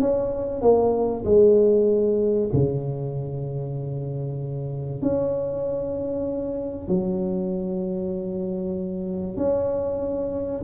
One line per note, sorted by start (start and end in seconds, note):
0.00 0.61 C#4
0.61 1.24 A#3
1.24 2.49 G#3
2.53 5.02 C#3
5.02 6.88 C#4
6.88 9.36 F#3
9.36 10.61 C#4